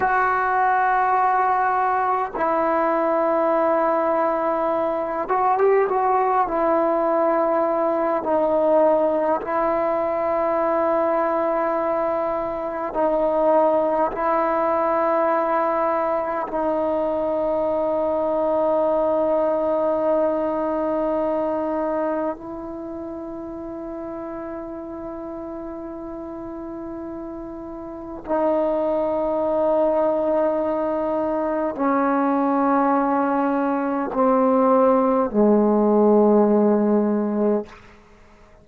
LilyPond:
\new Staff \with { instrumentName = "trombone" } { \time 4/4 \tempo 4 = 51 fis'2 e'2~ | e'8 fis'16 g'16 fis'8 e'4. dis'4 | e'2. dis'4 | e'2 dis'2~ |
dis'2. e'4~ | e'1 | dis'2. cis'4~ | cis'4 c'4 gis2 | }